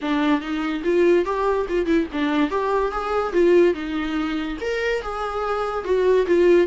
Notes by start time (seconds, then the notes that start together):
0.01 D4
0.41 D#4
0.84 F4
1.25 G4
1.68 F4
1.85 E4
2.12 D4
2.50 G4
2.91 G#4
3.32 F4
3.74 D#4
4.60 A#4
5.02 G#4
5.84 F#4
6.26 F4